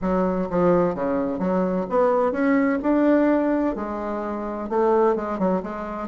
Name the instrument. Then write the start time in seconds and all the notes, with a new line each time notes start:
bassoon
0.01 F#3
0.50 F3
0.95 C#3
1.38 F#3
1.89 B3
2.31 C#4
2.82 D4
3.75 G#3
4.69 A3
5.15 G#3
5.38 F#3
5.62 G#3